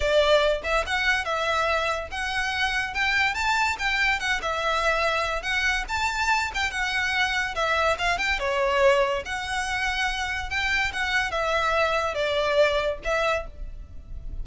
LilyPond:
\new Staff \with { instrumentName = "violin" } { \time 4/4 \tempo 4 = 143 d''4. e''8 fis''4 e''4~ | e''4 fis''2 g''4 | a''4 g''4 fis''8 e''4.~ | e''4 fis''4 a''4. g''8 |
fis''2 e''4 f''8 g''8 | cis''2 fis''2~ | fis''4 g''4 fis''4 e''4~ | e''4 d''2 e''4 | }